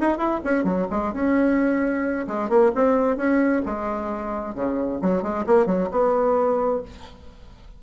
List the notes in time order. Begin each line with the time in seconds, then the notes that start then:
0.00 D#4
0.17 E4
0.43 C#4
0.64 F#3
0.90 G#3
1.13 C#4
2.27 G#3
2.49 A#3
2.74 C4
3.16 C#4
3.65 G#3
4.55 C#3
5.01 F#3
5.22 G#3
5.46 A#3
5.66 F#3
5.91 B3